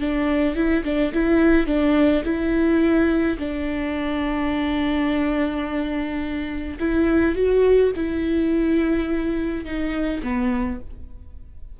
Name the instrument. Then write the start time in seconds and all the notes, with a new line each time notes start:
viola
0.00 D4
0.56 E4
0.84 D4
1.14 E4
1.67 D4
2.25 E4
3.39 D4
6.80 E4
7.35 F#4
7.96 E4
9.65 D#4
10.23 B3